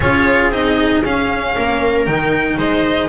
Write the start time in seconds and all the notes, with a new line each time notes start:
0.00 C#4 F4 G#4 C#5
0.49 C4 D#4 D#5
1.04 C#4 F5
1.57 A#3 A#4
2.05 D#3 D#4 G5
2.57 G#3 C5 D#5